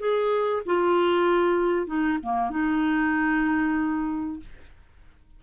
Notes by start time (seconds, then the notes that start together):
0.00 G#4
0.66 F4
1.87 D#4
2.23 A#3
2.51 D#4